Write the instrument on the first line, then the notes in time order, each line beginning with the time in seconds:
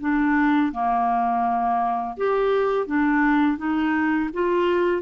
clarinet
0.00 D4
0.72 A#3
2.17 G4
2.86 D4
3.57 D#4
4.33 F4